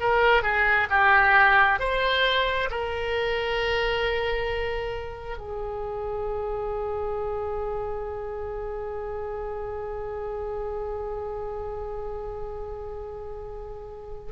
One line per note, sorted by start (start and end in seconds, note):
0.00 0.43 A#4
0.43 0.88 G#4
0.90 1.80 G4
1.80 2.69 C5
2.71 5.38 A#4
5.38 14.32 G#4